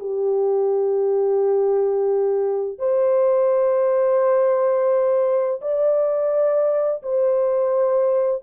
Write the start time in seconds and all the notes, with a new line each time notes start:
0.00 G4
2.79 C5
5.62 D5
7.03 C5